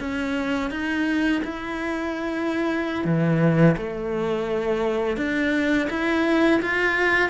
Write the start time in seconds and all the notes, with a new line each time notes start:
0.00 C#4
0.70 D#4
1.44 E4
3.05 E3
3.77 A3
5.17 D4
5.90 E4
6.62 F4